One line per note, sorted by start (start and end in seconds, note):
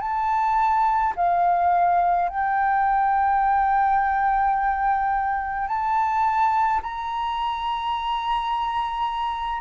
0.00 1.13 A5
1.16 2.28 F5
2.28 5.68 G5
5.68 6.81 A5
6.82 9.61 A#5